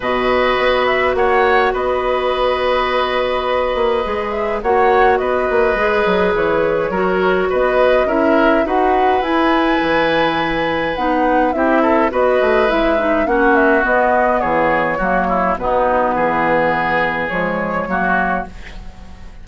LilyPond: <<
  \new Staff \with { instrumentName = "flute" } { \time 4/4 \tempo 4 = 104 dis''4. e''8 fis''4 dis''4~ | dis''2.~ dis''8 e''8 | fis''4 dis''2 cis''4~ | cis''4 dis''4 e''4 fis''4 |
gis''2. fis''4 | e''4 dis''4 e''4 fis''8 e''8 | dis''4 cis''2 b'4~ | b'2 cis''2 | }
  \new Staff \with { instrumentName = "oboe" } { \time 4/4 b'2 cis''4 b'4~ | b'1 | cis''4 b'2. | ais'4 b'4 ais'4 b'4~ |
b'1 | g'8 a'8 b'2 fis'4~ | fis'4 gis'4 fis'8 e'8 dis'4 | gis'2. fis'4 | }
  \new Staff \with { instrumentName = "clarinet" } { \time 4/4 fis'1~ | fis'2. gis'4 | fis'2 gis'2 | fis'2 e'4 fis'4 |
e'2. dis'4 | e'4 fis'4 e'8 dis'8 cis'4 | b2 ais4 b4~ | b2 gis4 ais4 | }
  \new Staff \with { instrumentName = "bassoon" } { \time 4/4 b,4 b4 ais4 b4~ | b2~ b8 ais8 gis4 | ais4 b8 ais8 gis8 fis8 e4 | fis4 b4 cis'4 dis'4 |
e'4 e2 b4 | c'4 b8 a8 gis4 ais4 | b4 e4 fis4 b,4 | e2 f4 fis4 | }
>>